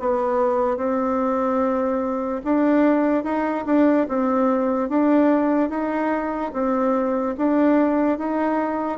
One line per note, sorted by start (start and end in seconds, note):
0.00 0.77 B3
0.77 2.42 C4
2.44 3.24 D4
3.24 3.65 D#4
3.66 4.07 D4
4.08 4.89 C4
4.89 5.70 D4
5.70 6.52 D#4
6.53 7.36 C4
7.37 8.19 D4
8.19 8.99 D#4